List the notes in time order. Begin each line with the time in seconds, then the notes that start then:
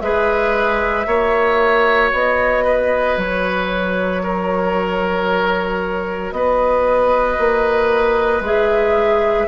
0.00 G#3 G#4 B4 E5
1.04 A#3 F#4 C#5
2.13 B3 D#5
2.64 B4
3.17 F#3 C#5
4.23 A#4
6.32 B3 B4 D#5
7.39 A#3
8.41 G#3 G#4 E5